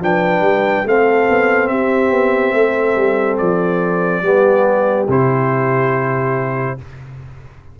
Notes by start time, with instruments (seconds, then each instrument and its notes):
0.00 tuba F3, trombone D4, horn B4, trumpet G5
0.41 tuba G3
0.85 tuba A3, trombone C4, horn A4, trumpet F5
1.29 tuba B3
1.68 tuba C4, horn G4, trumpet E5
2.11 tuba B3
2.53 tuba A3, horn A4
2.96 tuba G3
3.38 tuba F3, trumpet D5
4.22 tuba G3, trombone B3, horn G4
5.08 tuba C3, trombone E4, trumpet C5